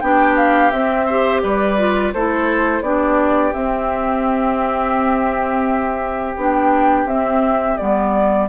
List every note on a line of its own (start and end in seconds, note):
0.00 0.72 B3
0.00 0.72 D4
0.00 1.06 G4
0.00 0.35 G5
0.36 0.70 F5
0.70 1.42 C4
0.70 1.07 C4
0.70 1.41 E5
1.06 1.77 G4
1.06 1.41 C5
1.41 2.13 G3
1.41 2.13 B4
1.41 2.12 D5
1.77 2.13 F4
2.13 2.81 A3
2.13 2.83 E4
2.13 2.83 A4
2.13 2.82 C5
2.81 3.51 B3
2.81 3.53 D4
2.81 8.48 G4
2.81 3.52 D5
3.53 6.36 C4
3.53 6.35 E5
6.36 7.05 B3
6.36 7.08 D4
6.36 7.08 G5
7.05 7.75 C4
7.05 7.78 C4
7.05 7.77 E5
7.77 8.49 G3
7.77 8.49 B3
7.77 8.47 D5